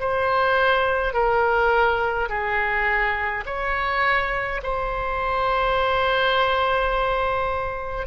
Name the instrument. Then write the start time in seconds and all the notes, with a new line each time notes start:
oboe
0.00 C5
1.13 A#4
2.29 G#4
3.46 C#5
4.63 C5